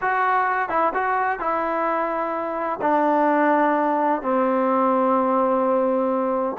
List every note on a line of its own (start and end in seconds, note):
0.01 0.69 F#4
0.69 0.92 E4
0.94 1.39 F#4
1.39 2.79 E4
2.81 4.22 D4
4.22 6.56 C4